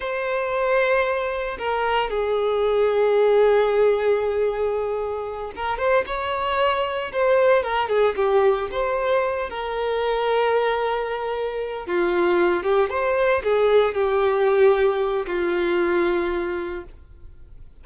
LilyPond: \new Staff \with { instrumentName = "violin" } { \time 4/4 \tempo 4 = 114 c''2. ais'4 | gis'1~ | gis'2~ gis'8 ais'8 c''8 cis''8~ | cis''4. c''4 ais'8 gis'8 g'8~ |
g'8 c''4. ais'2~ | ais'2~ ais'8 f'4. | g'8 c''4 gis'4 g'4.~ | g'4 f'2. | }